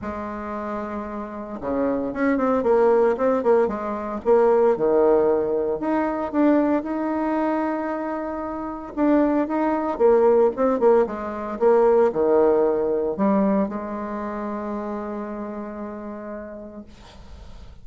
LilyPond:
\new Staff \with { instrumentName = "bassoon" } { \time 4/4 \tempo 4 = 114 gis2. cis4 | cis'8 c'8 ais4 c'8 ais8 gis4 | ais4 dis2 dis'4 | d'4 dis'2.~ |
dis'4 d'4 dis'4 ais4 | c'8 ais8 gis4 ais4 dis4~ | dis4 g4 gis2~ | gis1 | }